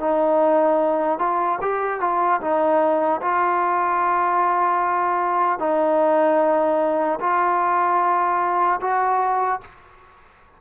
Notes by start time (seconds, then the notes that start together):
0.00 D#4
1.19 F4
1.61 G4
2.00 F4
2.41 D#4
3.22 F4
5.59 D#4
7.20 F4
8.81 F#4